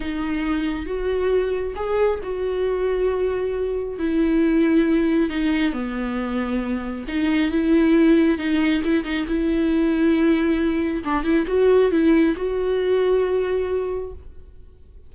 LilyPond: \new Staff \with { instrumentName = "viola" } { \time 4/4 \tempo 4 = 136 dis'2 fis'2 | gis'4 fis'2.~ | fis'4 e'2. | dis'4 b2. |
dis'4 e'2 dis'4 | e'8 dis'8 e'2.~ | e'4 d'8 e'8 fis'4 e'4 | fis'1 | }